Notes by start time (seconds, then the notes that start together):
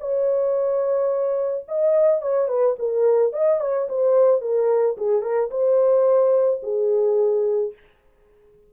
0.00 C#5
1.68 D#5
2.22 C#5
2.48 B4
2.79 A#4
3.33 D#5
3.61 C#5
3.89 C5
4.42 A#4
4.98 G#4
5.22 A#4
5.51 C5
6.63 G#4